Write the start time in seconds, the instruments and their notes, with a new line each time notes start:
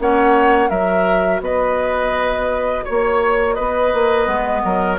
0.00 bassoon A#3, clarinet C#4, oboe C#5, flute F#5
0.70 bassoon F#3, clarinet F#4, oboe A#4, flute E5
1.41 bassoon B3, oboe B4, flute D#5
2.85 bassoon A#3, oboe C#5, flute C#5
3.54 bassoon B3, oboe B4, flute D#5
3.94 bassoon A#3
4.26 bassoon G#3, clarinet B3
4.64 bassoon F#3, oboe A#4